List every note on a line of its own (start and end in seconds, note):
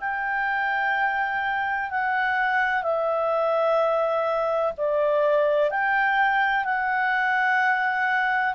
0.00 1.90 G5
1.90 2.82 F#5
2.82 4.73 E5
4.77 5.71 D5
5.71 6.65 G5
6.65 8.54 F#5